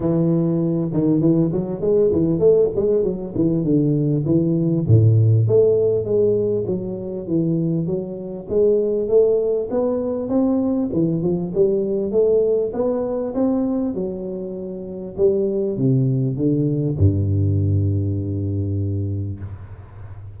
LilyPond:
\new Staff \with { instrumentName = "tuba" } { \time 4/4 \tempo 4 = 99 e4. dis8 e8 fis8 gis8 e8 | a8 gis8 fis8 e8 d4 e4 | a,4 a4 gis4 fis4 | e4 fis4 gis4 a4 |
b4 c'4 e8 f8 g4 | a4 b4 c'4 fis4~ | fis4 g4 c4 d4 | g,1 | }